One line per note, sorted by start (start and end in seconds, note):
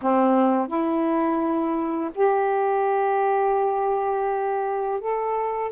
0.01 0.67 C4
0.67 2.10 E4
2.14 5.00 G4
5.00 5.71 A4